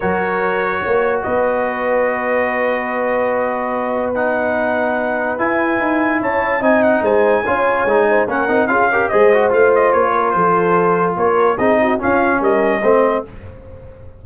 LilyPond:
<<
  \new Staff \with { instrumentName = "trumpet" } { \time 4/4 \tempo 4 = 145 cis''2. dis''4~ | dis''1~ | dis''2 fis''2~ | fis''4 gis''2 a''4 |
gis''8 fis''8 gis''2. | fis''4 f''4 dis''4 f''8 dis''8 | cis''4 c''2 cis''4 | dis''4 f''4 dis''2 | }
  \new Staff \with { instrumentName = "horn" } { \time 4/4 ais'2 cis''4 b'4~ | b'1~ | b'1~ | b'2. cis''4 |
dis''4 c''4 cis''4. c''8 | ais'4 gis'8 ais'8 c''2~ | c''8 ais'8 a'2 ais'4 | gis'8 fis'8 f'4 ais'4 c''4 | }
  \new Staff \with { instrumentName = "trombone" } { \time 4/4 fis'1~ | fis'1~ | fis'2 dis'2~ | dis'4 e'2. |
dis'2 f'4 dis'4 | cis'8 dis'8 f'8 g'8 gis'8 fis'8 f'4~ | f'1 | dis'4 cis'2 c'4 | }
  \new Staff \with { instrumentName = "tuba" } { \time 4/4 fis2 ais4 b4~ | b1~ | b1~ | b4 e'4 dis'4 cis'4 |
c'4 gis4 cis'4 gis4 | ais8 c'8 cis'4 gis4 a4 | ais4 f2 ais4 | c'4 cis'4 g4 a4 | }
>>